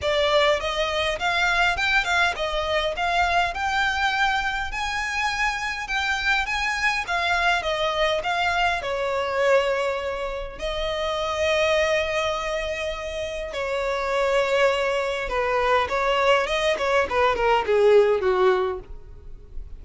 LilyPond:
\new Staff \with { instrumentName = "violin" } { \time 4/4 \tempo 4 = 102 d''4 dis''4 f''4 g''8 f''8 | dis''4 f''4 g''2 | gis''2 g''4 gis''4 | f''4 dis''4 f''4 cis''4~ |
cis''2 dis''2~ | dis''2. cis''4~ | cis''2 b'4 cis''4 | dis''8 cis''8 b'8 ais'8 gis'4 fis'4 | }